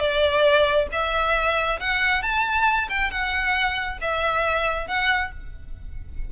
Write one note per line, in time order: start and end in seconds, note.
0.00 0.88 D5
0.92 1.80 E5
1.80 2.23 F#5
2.23 2.89 A5
2.90 3.11 G5
3.11 3.99 F#5
4.02 4.88 E5
4.88 5.32 F#5